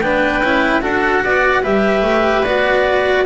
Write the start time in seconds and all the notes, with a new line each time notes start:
0.00 B3 D4 B4 G5
0.41 C#4 E4
0.81 D4 F#4 A4 F#5
1.24 B3 D5
1.62 G3 G4 B4 E5
2.02 A3
2.44 B3 F#4 D5